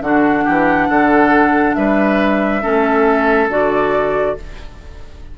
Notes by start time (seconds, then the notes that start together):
0.00 D3 D4 F#4 F#5
0.44 E3 G4
0.89 D3 A4
1.74 G3 B4 E5
2.62 A3 C#4 A4
3.48 D3 F#4 D5